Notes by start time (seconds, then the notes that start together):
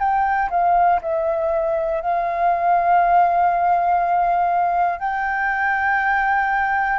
0.00 G5
0.50 F5
1.02 E5
2.01 F5
5.00 G5